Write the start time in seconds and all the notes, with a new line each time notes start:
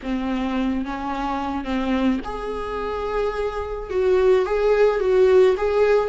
0.03 C4
0.85 C#4
1.64 C4
2.24 G#4
3.89 F#4
4.45 G#4
4.99 F#4
5.57 G#4